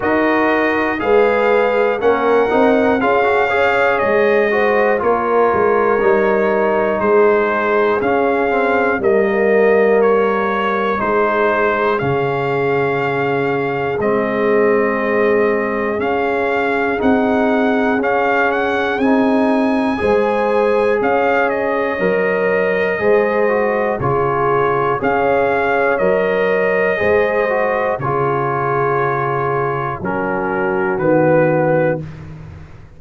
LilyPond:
<<
  \new Staff \with { instrumentName = "trumpet" } { \time 4/4 \tempo 4 = 60 dis''4 f''4 fis''4 f''4 | dis''4 cis''2 c''4 | f''4 dis''4 cis''4 c''4 | f''2 dis''2 |
f''4 fis''4 f''8 fis''8 gis''4~ | gis''4 f''8 dis''2~ dis''8 | cis''4 f''4 dis''2 | cis''2 ais'4 b'4 | }
  \new Staff \with { instrumentName = "horn" } { \time 4/4 ais'4 b'4 ais'4 gis'8 cis''8~ | cis''8 c''8 ais'2 gis'4~ | gis'4 ais'2 gis'4~ | gis'1~ |
gis'1 | c''4 cis''2 c''4 | gis'4 cis''2 c''4 | gis'2 fis'2 | }
  \new Staff \with { instrumentName = "trombone" } { \time 4/4 fis'4 gis'4 cis'8 dis'8 f'16 fis'16 gis'8~ | gis'8 fis'8 f'4 dis'2 | cis'8 c'8 ais2 dis'4 | cis'2 c'2 |
cis'4 dis'4 cis'4 dis'4 | gis'2 ais'4 gis'8 fis'8 | f'4 gis'4 ais'4 gis'8 fis'8 | f'2 cis'4 b4 | }
  \new Staff \with { instrumentName = "tuba" } { \time 4/4 dis'4 gis4 ais8 c'8 cis'4 | gis4 ais8 gis8 g4 gis4 | cis'4 g2 gis4 | cis2 gis2 |
cis'4 c'4 cis'4 c'4 | gis4 cis'4 fis4 gis4 | cis4 cis'4 fis4 gis4 | cis2 fis4 dis4 | }
>>